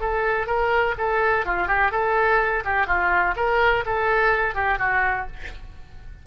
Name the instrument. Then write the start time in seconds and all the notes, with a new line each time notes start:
oboe
0.00 A4
0.46 A#4
0.98 A4
1.45 F4
1.67 G4
1.91 A4
2.65 G4
2.86 F4
3.36 A#4
3.86 A4
4.55 G4
4.79 F#4